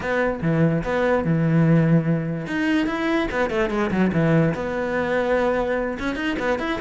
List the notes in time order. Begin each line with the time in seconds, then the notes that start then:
0.00 B3
0.41 E3
0.83 B3
1.24 E3
2.46 D#4
2.87 E4
3.31 B3
3.50 A3
3.69 G#3
3.90 F#3
4.12 E3
4.54 B3
5.99 C#4
6.15 D#4
6.39 B3
6.59 E4